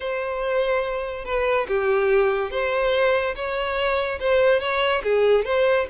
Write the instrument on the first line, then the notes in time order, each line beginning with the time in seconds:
violin
0.00 C5
1.24 B4
1.68 G4
2.50 C5
3.35 C#5
4.20 C5
4.59 C#5
5.03 G#4
5.45 C5